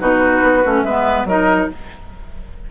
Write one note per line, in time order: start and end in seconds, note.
0.00 0.43 B2
0.00 0.63 D#4
0.00 0.85 F#4
0.00 0.82 B4
0.43 0.64 B3
0.65 0.84 A3
0.65 0.87 C#4
0.82 1.25 G#3
0.82 1.29 B3
0.82 1.28 B4
0.82 1.25 E5
1.25 1.68 F#3
1.25 1.71 D#4
1.25 1.71 A#4
1.25 1.70 D#5